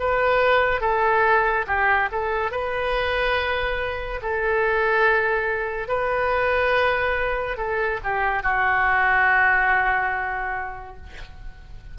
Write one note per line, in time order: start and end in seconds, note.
0.00 0.81 B4
0.81 1.66 A4
1.67 2.10 G4
2.12 2.52 A4
2.52 4.21 B4
4.23 5.88 A4
5.88 7.57 B4
7.57 8.00 A4
8.04 8.44 G4
8.44 10.97 F#4